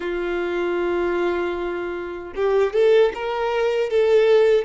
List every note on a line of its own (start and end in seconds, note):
0.00 2.33 F4
2.35 2.73 G4
2.73 3.12 A4
3.14 3.90 A#4
3.90 4.64 A4